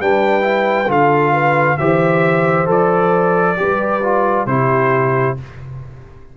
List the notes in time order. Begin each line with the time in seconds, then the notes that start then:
0.00 G3 D4 B4 G5
0.41 E4
0.87 D3 F4 A4 F5
1.32 B4
1.77 E3 G4 C5 E5
2.65 F3 A4 D5
3.56 G3 G4 B4
4.03 F4
4.46 C3 E4 G4 C5